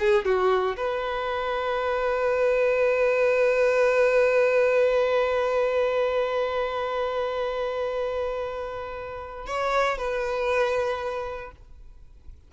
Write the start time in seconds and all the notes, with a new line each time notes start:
0.00 G#4
0.25 F#4
0.77 B4
9.47 C#5
9.98 B4